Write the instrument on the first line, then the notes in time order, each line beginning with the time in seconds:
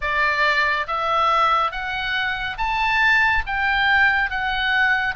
oboe
0.01 D5
0.87 E5
1.71 F#5
2.57 A5
3.46 G5
4.30 F#5